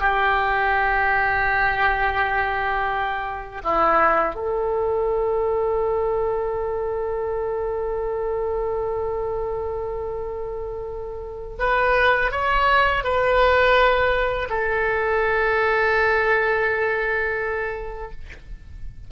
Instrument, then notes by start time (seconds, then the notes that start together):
oboe
0.00 G4
3.63 E4
4.35 A4
11.59 B4
12.31 C#5
13.04 B4
14.50 A4